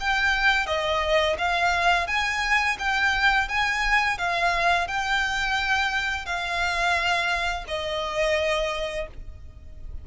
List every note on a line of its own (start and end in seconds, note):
0.00 0.66 G5
0.66 1.36 D#5
1.38 2.07 F5
2.07 2.77 G#5
2.79 3.49 G5
3.49 4.18 G#5
4.18 4.87 F5
4.87 6.25 G5
6.25 7.65 F5
7.67 9.07 D#5